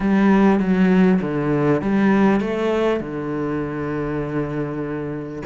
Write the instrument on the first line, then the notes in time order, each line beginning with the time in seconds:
cello
0.00 G3
0.59 F#3
1.21 D3
1.81 G3
2.40 A3
3.00 D3